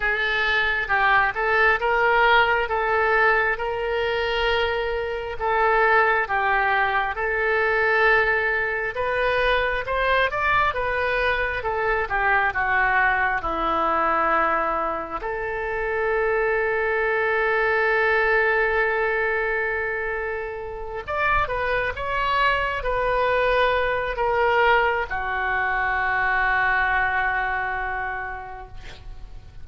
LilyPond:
\new Staff \with { instrumentName = "oboe" } { \time 4/4 \tempo 4 = 67 a'4 g'8 a'8 ais'4 a'4 | ais'2 a'4 g'4 | a'2 b'4 c''8 d''8 | b'4 a'8 g'8 fis'4 e'4~ |
e'4 a'2.~ | a'2.~ a'8 d''8 | b'8 cis''4 b'4. ais'4 | fis'1 | }